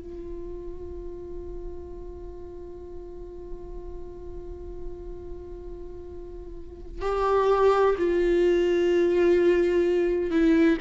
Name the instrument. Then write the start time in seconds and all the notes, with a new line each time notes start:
viola
0.00 F4
7.02 G4
7.98 F4
10.31 E4